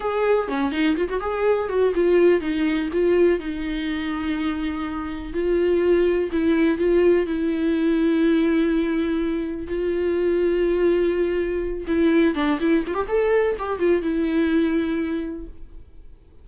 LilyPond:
\new Staff \with { instrumentName = "viola" } { \time 4/4 \tempo 4 = 124 gis'4 cis'8 dis'8 f'16 fis'16 gis'4 fis'8 | f'4 dis'4 f'4 dis'4~ | dis'2. f'4~ | f'4 e'4 f'4 e'4~ |
e'1 | f'1~ | f'8 e'4 d'8 e'8 f'16 g'16 a'4 | g'8 f'8 e'2. | }